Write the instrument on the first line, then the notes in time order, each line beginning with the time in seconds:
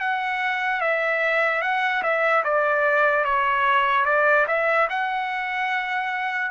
trumpet
0.00 F#5
0.81 E5
1.62 F#5
2.03 E5
2.44 D5
3.24 C#5
4.05 D5
4.47 E5
4.89 F#5